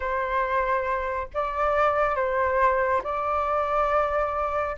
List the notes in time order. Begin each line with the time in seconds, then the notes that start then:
0.00 C5
1.33 D5
2.15 C5
3.03 D5